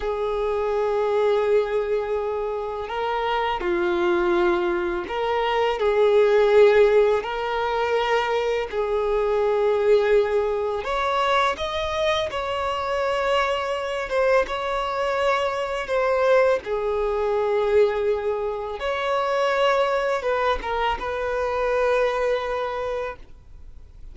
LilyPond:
\new Staff \with { instrumentName = "violin" } { \time 4/4 \tempo 4 = 83 gis'1 | ais'4 f'2 ais'4 | gis'2 ais'2 | gis'2. cis''4 |
dis''4 cis''2~ cis''8 c''8 | cis''2 c''4 gis'4~ | gis'2 cis''2 | b'8 ais'8 b'2. | }